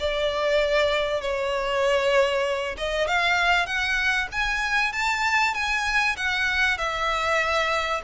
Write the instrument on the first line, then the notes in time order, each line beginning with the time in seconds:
violin
0.00 D5
1.22 C#5
2.78 D#5
3.08 F5
3.67 F#5
4.32 G#5
4.93 A5
5.55 G#5
6.17 F#5
6.78 E5